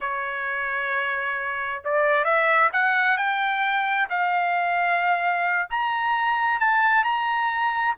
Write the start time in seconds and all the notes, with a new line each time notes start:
0.00 C#5
1.84 D5
2.24 E5
2.73 F#5
3.17 G5
4.09 F5
5.70 A#5
6.60 A5
7.04 A#5